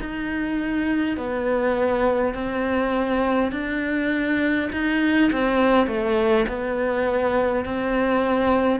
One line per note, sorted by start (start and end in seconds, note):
0.00 1.17 D#4
1.17 2.34 B3
2.34 3.52 C4
3.52 4.70 D4
4.72 5.31 D#4
5.32 5.87 C4
5.87 6.46 A3
6.48 7.65 B3
7.65 8.80 C4